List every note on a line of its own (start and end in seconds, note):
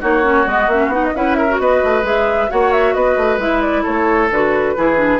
0.00 0.46 A#3
0.00 0.22 D#4
0.00 1.13 F#4
0.00 0.47 C#5
0.22 0.45 C#4
0.46 0.67 G#3
0.46 0.69 B3
0.46 0.70 D#5
0.67 0.87 A#3
0.67 0.91 C#4
0.67 0.93 E5
0.87 1.10 B3
0.87 1.14 D#4
0.87 1.04 F#5
1.04 1.15 D#5
1.14 1.58 C#4
1.14 1.48 E4
1.14 1.37 B4
1.14 1.33 F#5
1.33 1.60 A#4
1.33 1.56 E5
1.48 2.03 F#4
1.58 1.81 B3
1.58 2.50 B4
1.58 2.05 D#5
1.84 2.03 A3
2.03 2.48 G#3
2.03 2.48 G#4
2.03 2.50 E5
2.49 2.94 A#3
2.49 3.39 F#4
2.49 2.94 C#5
2.49 2.72 F#5
2.72 2.93 E5
2.93 3.17 B3
2.93 3.83 B4
2.93 3.38 D#5
3.17 3.37 A3
3.37 3.82 G#3
3.37 4.29 E4
3.37 3.61 E5
3.61 3.83 D5
3.83 4.30 A3
3.83 4.73 A4
3.83 4.30 C#5
4.30 4.75 D3
4.30 4.76 F#4
4.30 5.19 B4
4.76 5.19 E3
4.76 4.97 E4
4.76 5.19 G#4
4.97 5.19 D4